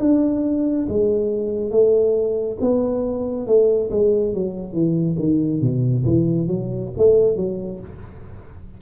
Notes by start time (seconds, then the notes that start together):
0.00 D4
0.89 G#3
1.71 A3
2.61 B3
3.47 A3
3.91 G#3
4.34 F#3
4.73 E3
5.19 D#3
5.61 B2
6.05 E3
6.48 F#3
6.98 A3
7.36 F#3